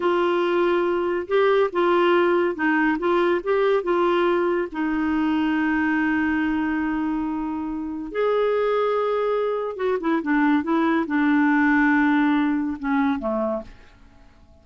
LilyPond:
\new Staff \with { instrumentName = "clarinet" } { \time 4/4 \tempo 4 = 141 f'2. g'4 | f'2 dis'4 f'4 | g'4 f'2 dis'4~ | dis'1~ |
dis'2. gis'4~ | gis'2. fis'8 e'8 | d'4 e'4 d'2~ | d'2 cis'4 a4 | }